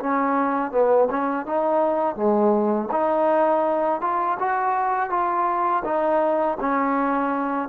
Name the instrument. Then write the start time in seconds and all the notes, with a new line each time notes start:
trombone
0.00 C#4
0.72 B3
1.10 C#4
1.46 D#4
2.16 G#3
2.92 D#4
4.01 F4
4.39 F#4
5.10 F4
5.84 D#4
6.60 C#4